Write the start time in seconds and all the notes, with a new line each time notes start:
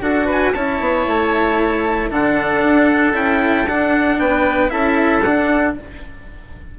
0.00 D4 F#4 A4 F#5
0.25 B4 G#5
0.53 C#4 E4 C#5 A5
0.80 B3
1.06 A3
2.09 D3 D4 A4 F#5
2.64 D4
3.13 C#4 E4 G5
3.67 D4 F#5
4.18 B3 B4 G5
4.69 C#4 E4 A4 E5
5.22 D4 F#5